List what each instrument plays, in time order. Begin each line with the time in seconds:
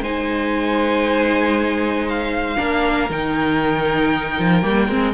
0.00 cello G#3, viola D#4, violin C5 G#5
2.09 violin F5
2.57 cello A#3, viola D4, violin A#4
3.09 cello D#3, viola D#4, violin G5
4.39 cello F3
4.62 cello G3, viola A#3
4.88 cello G#3, viola C4